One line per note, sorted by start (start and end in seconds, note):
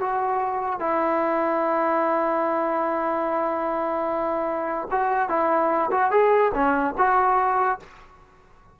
0.00 0.80 F#4
0.80 4.88 E4
4.91 5.29 F#4
5.29 5.90 E4
5.91 6.11 F#4
6.11 6.52 G#4
6.54 6.95 C#4
6.98 7.80 F#4